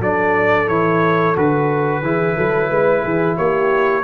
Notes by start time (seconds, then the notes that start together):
0.00 F#3 D4 A4 D5
0.68 E3 E4 C#5
1.36 D3 F#4 B4
2.02 E3 E4 G#4
2.36 F#3 A4
2.69 G#3 B4
3.02 E3 G#4
3.37 A#3 G4 C#5